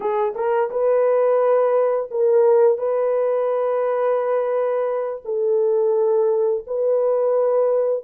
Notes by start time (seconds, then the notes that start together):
0.00 G#4
0.35 A#4
0.70 B4
2.10 A#4
2.78 B4
5.25 A4
6.67 B4